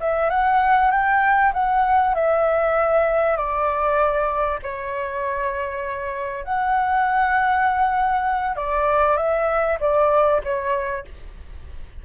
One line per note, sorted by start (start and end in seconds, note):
0.00 0.29 E5
0.29 0.91 F#5
0.91 1.52 G5
1.53 2.14 F#5
2.14 3.36 E5
3.36 4.59 D5
4.62 6.44 C#5
6.44 8.56 F#5
8.56 9.17 D5
9.17 9.78 E5
9.80 10.41 D5
10.44 11.05 C#5